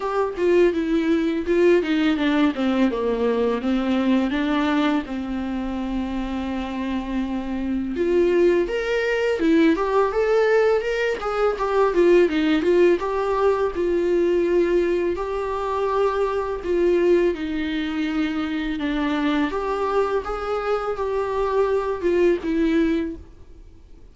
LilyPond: \new Staff \with { instrumentName = "viola" } { \time 4/4 \tempo 4 = 83 g'8 f'8 e'4 f'8 dis'8 d'8 c'8 | ais4 c'4 d'4 c'4~ | c'2. f'4 | ais'4 e'8 g'8 a'4 ais'8 gis'8 |
g'8 f'8 dis'8 f'8 g'4 f'4~ | f'4 g'2 f'4 | dis'2 d'4 g'4 | gis'4 g'4. f'8 e'4 | }